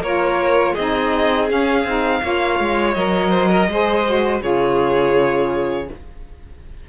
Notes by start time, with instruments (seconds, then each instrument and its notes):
0.00 cello A#3, saxophone F4, violin A#4 C#5
0.74 cello C4, saxophone D#4, violin G#4 D#5
1.49 saxophone C#4, cello C#4, violin F5
1.85 cello C4, saxophone D#4
2.22 cello A#3, saxophone F4, violin C#5
2.60 cello G#3
2.94 cello F#3, saxophone A#4, violin D#5
3.30 violin C5
3.51 violin A#4
3.68 cello G#3, saxophone G#4, violin C5
4.06 saxophone F#4
4.41 cello C#3, saxophone F4, violin G#4 C#5